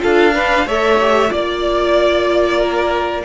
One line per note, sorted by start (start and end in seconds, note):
0.00 0.66 D4
0.00 0.32 F4
0.00 0.35 A4
0.00 0.68 F5
0.34 0.66 D4
0.34 0.67 B4
0.66 1.30 A3
0.66 0.98 A4
0.66 1.31 C#5
0.66 1.33 E5
1.01 1.29 G4
1.29 3.25 A#3
1.29 3.22 F4
1.29 2.58 D5
1.29 3.25 D5
2.58 3.22 A#4